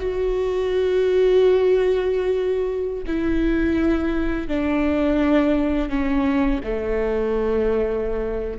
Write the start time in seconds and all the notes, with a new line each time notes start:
0.00 F#4
3.07 E4
4.48 D4
5.90 C#4
6.64 A3